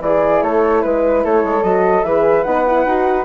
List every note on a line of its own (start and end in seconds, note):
0.00 0.41 E3
0.00 1.63 E4
0.00 0.43 G#4
0.00 0.42 D5
0.42 0.83 A3
0.42 0.84 A4
0.42 0.81 C#5
0.81 1.24 G#3
0.81 1.22 B4
0.81 1.24 B4
1.24 1.44 A3
1.24 2.05 A4
1.24 1.63 C#5
1.44 1.63 G#3
1.63 2.03 F#3
1.63 2.04 F#4
1.63 2.03 D#5
2.03 2.43 E3
2.03 2.45 G#4
2.03 3.24 B4
2.03 2.43 E5
2.43 2.85 B3
2.43 2.65 D#4
2.43 3.24 F#5
2.66 2.86 E4
2.85 3.24 D#4
2.85 3.24 F#4